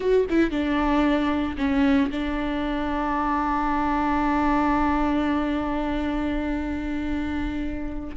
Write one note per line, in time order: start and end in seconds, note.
0.00 0.26 F#4
0.29 0.50 E4
0.50 1.56 D4
1.57 2.10 C#4
2.11 8.16 D4